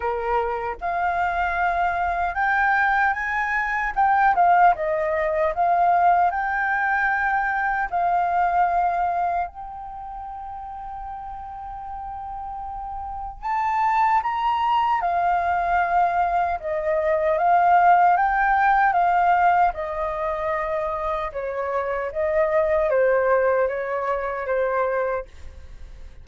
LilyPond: \new Staff \with { instrumentName = "flute" } { \time 4/4 \tempo 4 = 76 ais'4 f''2 g''4 | gis''4 g''8 f''8 dis''4 f''4 | g''2 f''2 | g''1~ |
g''4 a''4 ais''4 f''4~ | f''4 dis''4 f''4 g''4 | f''4 dis''2 cis''4 | dis''4 c''4 cis''4 c''4 | }